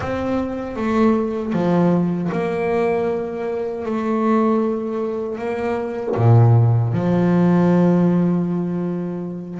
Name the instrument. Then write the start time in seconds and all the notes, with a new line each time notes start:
double bass
0.00 C4
0.76 A3
1.52 F3
2.31 A#3
3.85 A3
5.38 A#3
6.16 A#2
6.93 F3